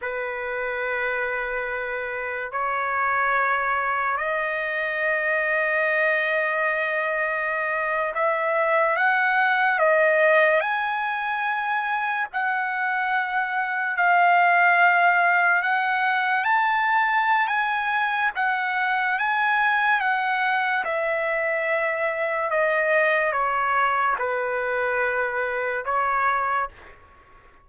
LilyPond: \new Staff \with { instrumentName = "trumpet" } { \time 4/4 \tempo 4 = 72 b'2. cis''4~ | cis''4 dis''2.~ | dis''4.~ dis''16 e''4 fis''4 dis''16~ | dis''8. gis''2 fis''4~ fis''16~ |
fis''8. f''2 fis''4 a''16~ | a''4 gis''4 fis''4 gis''4 | fis''4 e''2 dis''4 | cis''4 b'2 cis''4 | }